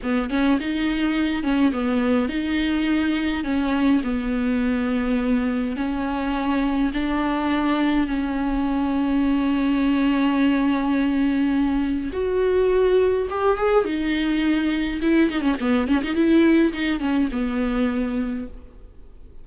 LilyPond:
\new Staff \with { instrumentName = "viola" } { \time 4/4 \tempo 4 = 104 b8 cis'8 dis'4. cis'8 b4 | dis'2 cis'4 b4~ | b2 cis'2 | d'2 cis'2~ |
cis'1~ | cis'4 fis'2 g'8 gis'8 | dis'2 e'8 dis'16 cis'16 b8 cis'16 dis'16 | e'4 dis'8 cis'8 b2 | }